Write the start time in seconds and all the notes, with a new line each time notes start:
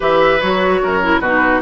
0.00 E3 G4 B4 E5
0.40 F#3 F#4 C#5
0.82 F#2 A#4
1.01 E4
1.20 B2 D#4 F#4 B4